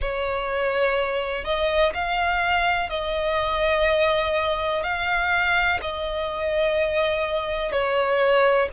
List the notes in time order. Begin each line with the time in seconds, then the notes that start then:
0.00 C#5
1.44 D#5
1.94 F5
2.89 D#5
4.83 F5
5.81 D#5
7.72 C#5